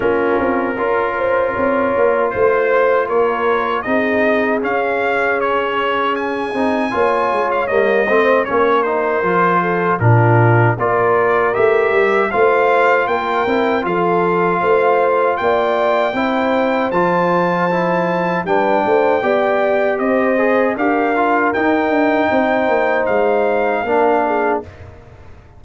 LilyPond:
<<
  \new Staff \with { instrumentName = "trumpet" } { \time 4/4 \tempo 4 = 78 ais'2. c''4 | cis''4 dis''4 f''4 cis''4 | gis''4.~ gis''16 f''16 dis''4 cis''8 c''8~ | c''4 ais'4 d''4 e''4 |
f''4 g''4 f''2 | g''2 a''2 | g''2 dis''4 f''4 | g''2 f''2 | }
  \new Staff \with { instrumentName = "horn" } { \time 4/4 f'4 ais'8 c''8 cis''4 c''4 | ais'4 gis'2.~ | gis'4 cis''4. c''8 ais'4~ | ais'8 a'8 f'4 ais'2 |
c''4 ais'4 a'4 c''4 | d''4 c''2. | b'8 c''8 d''4 c''4 ais'4~ | ais'4 c''2 ais'8 gis'8 | }
  \new Staff \with { instrumentName = "trombone" } { \time 4/4 cis'4 f'2.~ | f'4 dis'4 cis'2~ | cis'8 dis'8 f'4 ais8 c'8 cis'8 dis'8 | f'4 d'4 f'4 g'4 |
f'4. e'8 f'2~ | f'4 e'4 f'4 e'4 | d'4 g'4. gis'8 g'8 f'8 | dis'2. d'4 | }
  \new Staff \with { instrumentName = "tuba" } { \time 4/4 ais8 c'8 cis'4 c'8 ais8 a4 | ais4 c'4 cis'2~ | cis'8 c'8 ais8 gis8 g8 a8 ais4 | f4 ais,4 ais4 a8 g8 |
a4 ais8 c'8 f4 a4 | ais4 c'4 f2 | g8 a8 b4 c'4 d'4 | dis'8 d'8 c'8 ais8 gis4 ais4 | }
>>